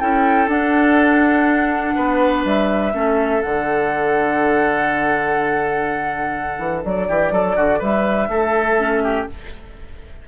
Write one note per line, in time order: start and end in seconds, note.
0.00 0.47 C#4
0.00 0.48 E4
0.00 1.95 A4
0.00 0.49 G5
0.47 1.94 D4
0.47 2.92 D4
0.47 2.44 F#5
1.96 2.45 B3
1.96 2.93 B4
2.45 2.93 G3
2.45 3.42 E5
2.93 3.42 A3
2.93 3.42 C#4
2.93 7.08 A4
3.42 6.58 D3
3.42 8.79 D4
3.42 6.84 F#5
6.58 6.83 E3
6.84 7.09 F#3
6.84 7.82 D5
7.08 7.31 E3
7.08 7.32 G4
7.31 7.56 F#3
7.31 7.56 A4
7.56 7.81 D3
7.56 7.79 F#4
7.79 8.28 G3
7.79 8.28 B4
7.79 9.28 E5
8.28 9.26 A3
8.28 9.03 A4
8.79 9.27 C#4
9.03 9.28 G4